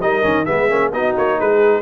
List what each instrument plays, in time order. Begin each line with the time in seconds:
0.00 tuba G3, trombone D#4, horn A#4, trumpet D#5
0.22 tuba D#3, trombone C#4
0.45 tuba G#3, trombone B3, horn G#4, trumpet E5
0.69 tuba A#3, trombone C#4
0.91 tuba B3, trombone D#4, horn F#4, trumpet D#5
1.16 tuba A#3, trumpet C#5
1.40 tuba G#3, horn G#4, trumpet B4